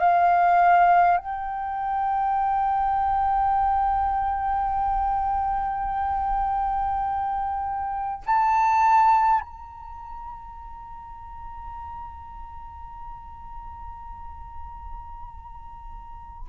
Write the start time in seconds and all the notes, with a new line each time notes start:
0.00 F5
1.18 G5
8.26 A5
9.41 A#5